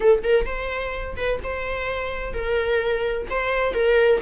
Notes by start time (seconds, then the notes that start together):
0.00 A4
0.23 A#4
0.45 C5
1.16 B4
1.43 C5
2.33 A#4
3.30 C5
3.74 A#4